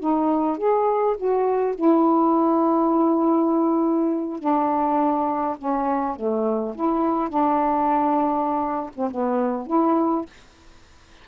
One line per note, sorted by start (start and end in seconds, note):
0.00 0.57 D#4
0.57 1.16 G#4
1.17 1.75 F#4
1.75 4.39 E4
4.39 5.57 D4
5.58 6.16 C#4
6.16 6.75 A3
6.75 7.29 E4
7.29 8.91 D4
8.96 9.10 C4
9.11 9.67 B3
9.67 10.26 E4